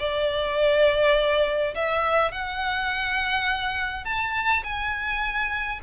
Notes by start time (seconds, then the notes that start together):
0.00 D5
1.76 E5
2.32 F#5
4.05 A5
4.64 G#5